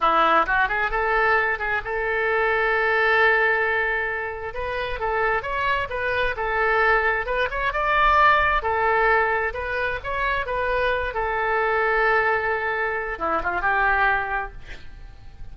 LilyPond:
\new Staff \with { instrumentName = "oboe" } { \time 4/4 \tempo 4 = 132 e'4 fis'8 gis'8 a'4. gis'8 | a'1~ | a'2 b'4 a'4 | cis''4 b'4 a'2 |
b'8 cis''8 d''2 a'4~ | a'4 b'4 cis''4 b'4~ | b'8 a'2.~ a'8~ | a'4 e'8 f'8 g'2 | }